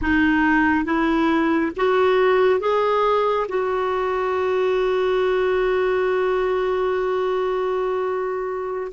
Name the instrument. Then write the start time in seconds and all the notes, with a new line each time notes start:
clarinet
0.01 D#4
0.84 E4
1.76 F#4
2.59 G#4
3.48 F#4